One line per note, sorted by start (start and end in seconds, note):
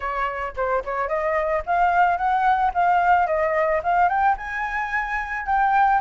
0.00 0.53 C#5
0.56 0.83 C5
0.84 1.08 C#5
1.08 1.62 D#5
1.66 2.17 F5
2.17 2.71 F#5
2.74 3.26 F5
3.26 3.81 D#5
3.83 4.08 F5
4.08 4.36 G5
4.37 5.46 G#5
5.46 6.00 G5